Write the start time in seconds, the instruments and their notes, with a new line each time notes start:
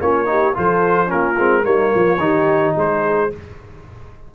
0.00 tuba A#3, trombone C#4, horn F4, trumpet C#5
0.25 trombone D#4, horn G4
0.54 tuba F3, trombone F4, horn A4, trumpet C5
1.07 tuba A#3, trombone C#4, horn F4, trumpet A#4
1.38 tuba G#3, trombone C4
1.63 tuba G3, trombone A#3, horn D#4, trumpet C#5
1.94 tuba F3, horn F4
2.18 tuba D#3, trombone D#4, horn G4
2.75 tuba G#3, horn G#4, trumpet C5